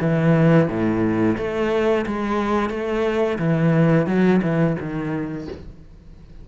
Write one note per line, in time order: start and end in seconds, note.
0.00 0.68 E3
0.68 1.36 A2
1.37 2.05 A3
2.06 2.70 G#3
2.70 3.38 A3
3.39 4.07 E3
4.07 4.41 F#3
4.42 4.76 E3
4.80 5.48 D#3